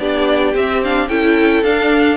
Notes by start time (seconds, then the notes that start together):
0.00 B3 D4 G4 D5
0.55 C4 E5
0.84 D4 F5
1.09 C#4 E4 A4 G5
1.64 D4 F5